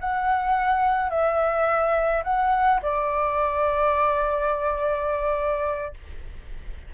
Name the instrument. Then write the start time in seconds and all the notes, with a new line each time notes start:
flute
0.00 F#5
1.10 E5
2.24 F#5
2.82 D5